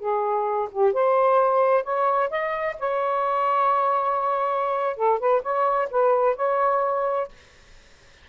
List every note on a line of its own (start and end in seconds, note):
0.00 0.69 G#4
0.72 0.94 G4
0.94 1.84 C5
1.84 2.30 C#5
2.30 2.76 D#5
2.80 4.97 C#5
4.97 5.19 A4
5.19 5.42 B4
5.43 5.89 C#5
5.91 6.36 B4
6.36 7.29 C#5